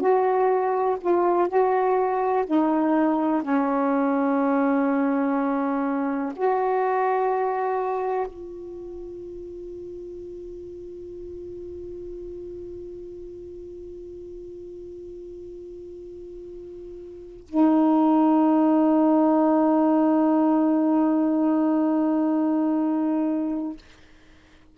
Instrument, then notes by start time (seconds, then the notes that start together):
saxophone
0.00 F#4
1.01 F4
1.48 F#4
2.46 D#4
3.42 C#4
6.36 F#4
8.27 F4
17.48 D#4